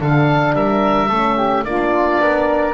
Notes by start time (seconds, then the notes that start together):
0.00 D3 D4 A4 F5
0.54 G3 A#4 E5
1.08 A3 C#4 A4
1.36 G4
1.64 A#3 D4 F4 D5
2.19 B3 A#4